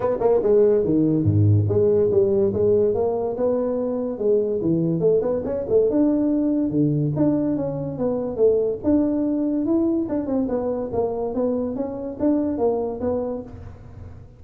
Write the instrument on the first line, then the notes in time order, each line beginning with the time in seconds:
tuba
0.00 B3
0.20 A#3
0.43 G#3
0.84 D#3
1.24 G#2
1.68 G#3
2.11 G3
2.53 G#3
2.94 A#3
3.37 B3
4.18 G#3
4.61 E3
4.99 A3
5.21 B3
5.45 C#4
5.69 A3
5.90 D4
6.70 D3
7.16 D4
7.56 C#4
7.98 B3
8.36 A3
8.83 D4
9.65 E4
10.08 D4
10.26 C4
10.48 B3
10.92 A#3
11.34 B3
11.75 C#4
12.19 D4
12.58 A#3
13.00 B3